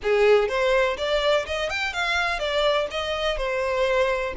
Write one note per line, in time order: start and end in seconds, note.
0.02 0.48 G#4
0.48 0.96 C5
0.97 1.45 D5
1.46 1.69 D#5
1.69 1.93 G5
1.93 2.39 F5
2.39 2.87 D5
2.90 3.37 D#5
3.37 4.34 C5